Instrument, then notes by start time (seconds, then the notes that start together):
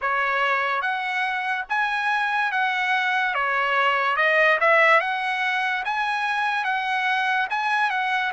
trumpet
0.01 C#5
0.81 F#5
1.69 G#5
2.51 F#5
3.34 C#5
4.16 D#5
4.60 E5
5.00 F#5
5.84 G#5
6.64 F#5
7.50 G#5
7.90 F#5